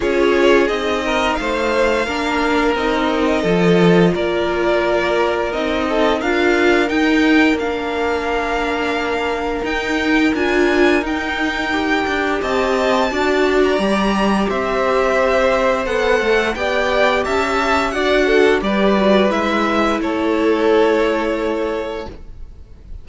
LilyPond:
<<
  \new Staff \with { instrumentName = "violin" } { \time 4/4 \tempo 4 = 87 cis''4 dis''4 f''2 | dis''2 d''2 | dis''4 f''4 g''4 f''4~ | f''2 g''4 gis''4 |
g''2 a''4.~ a''16 ais''16~ | ais''4 e''2 fis''4 | g''4 a''4 fis''4 d''4 | e''4 cis''2. | }
  \new Staff \with { instrumentName = "violin" } { \time 4/4 gis'4. ais'8 c''4 ais'4~ | ais'4 a'4 ais'2~ | ais'8 a'8 ais'2.~ | ais'1~ |
ais'2 dis''4 d''4~ | d''4 c''2. | d''4 e''4 d''8 a'8 b'4~ | b'4 a'2. | }
  \new Staff \with { instrumentName = "viola" } { \time 4/4 f'4 dis'2 d'4 | dis'4 f'2. | dis'4 f'4 dis'4 d'4~ | d'2 dis'4 f'4 |
dis'4 g'2 fis'4 | g'2. a'4 | g'2 fis'4 g'8 fis'8 | e'1 | }
  \new Staff \with { instrumentName = "cello" } { \time 4/4 cis'4 c'4 a4 ais4 | c'4 f4 ais2 | c'4 d'4 dis'4 ais4~ | ais2 dis'4 d'4 |
dis'4. d'8 c'4 d'4 | g4 c'2 b8 a8 | b4 cis'4 d'4 g4 | gis4 a2. | }
>>